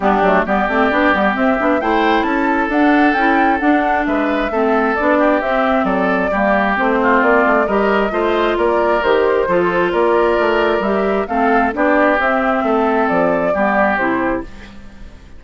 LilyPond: <<
  \new Staff \with { instrumentName = "flute" } { \time 4/4 \tempo 4 = 133 g'4 d''2 e''4 | g''4 a''4 fis''4 g''4 | fis''4 e''2 d''4 | e''4 d''2 c''4 |
d''4 dis''2 d''4 | c''2 d''2 | e''4 f''4 d''4 e''4~ | e''4 d''2 c''4 | }
  \new Staff \with { instrumentName = "oboe" } { \time 4/4 d'4 g'2. | c''4 a'2.~ | a'4 b'4 a'4. g'8~ | g'4 a'4 g'4. f'8~ |
f'4 ais'4 c''4 ais'4~ | ais'4 a'4 ais'2~ | ais'4 a'4 g'2 | a'2 g'2 | }
  \new Staff \with { instrumentName = "clarinet" } { \time 4/4 b8 a8 b8 c'8 d'8 b8 c'8 d'8 | e'2 d'4 e'4 | d'2 c'4 d'4 | c'2 ais4 c'4~ |
c'4 g'4 f'2 | g'4 f'2. | g'4 c'4 d'4 c'4~ | c'2 b4 e'4 | }
  \new Staff \with { instrumentName = "bassoon" } { \time 4/4 g8 fis8 g8 a8 b8 g8 c'8 b8 | a4 cis'4 d'4 cis'4 | d'4 gis4 a4 b4 | c'4 fis4 g4 a4 |
ais8 a8 g4 a4 ais4 | dis4 f4 ais4 a4 | g4 a4 b4 c'4 | a4 f4 g4 c4 | }
>>